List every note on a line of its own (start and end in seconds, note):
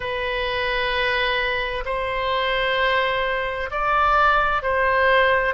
0.00 1.84 B4
1.85 3.69 C5
3.70 4.62 D5
4.62 5.54 C5